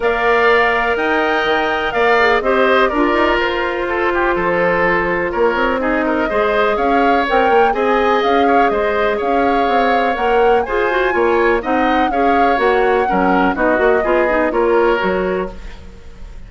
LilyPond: <<
  \new Staff \with { instrumentName = "flute" } { \time 4/4 \tempo 4 = 124 f''2 g''2 | f''4 dis''4 d''4 c''4~ | c''2. cis''4 | dis''2 f''4 g''4 |
gis''4 f''4 dis''4 f''4~ | f''4 fis''4 gis''2 | fis''4 f''4 fis''2 | dis''2 cis''2 | }
  \new Staff \with { instrumentName = "oboe" } { \time 4/4 d''2 dis''2 | d''4 c''4 ais'2 | a'8 g'8 a'2 ais'4 | gis'8 ais'8 c''4 cis''2 |
dis''4. cis''8 c''4 cis''4~ | cis''2 c''4 cis''4 | dis''4 cis''2 ais'4 | fis'4 gis'4 ais'2 | }
  \new Staff \with { instrumentName = "clarinet" } { \time 4/4 ais'1~ | ais'8 gis'8 g'4 f'2~ | f'1 | dis'4 gis'2 ais'4 |
gis'1~ | gis'4 ais'4 gis'8 fis'8 f'4 | dis'4 gis'4 fis'4 cis'4 | dis'8 fis'8 f'8 dis'8 f'4 fis'4 | }
  \new Staff \with { instrumentName = "bassoon" } { \time 4/4 ais2 dis'4 dis4 | ais4 c'4 d'8 dis'8 f'4~ | f'4 f2 ais8 c'8~ | c'4 gis4 cis'4 c'8 ais8 |
c'4 cis'4 gis4 cis'4 | c'4 ais4 f'4 ais4 | c'4 cis'4 ais4 fis4 | b8 ais8 b4 ais4 fis4 | }
>>